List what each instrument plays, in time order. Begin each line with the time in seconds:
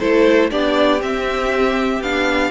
0.00 cello A3, viola E4, violin A4 C5
0.51 cello B3, viola D4, violin G4 D5
1.00 viola C4, cello C4, violin E5
2.01 cello B3, viola D4, violin F5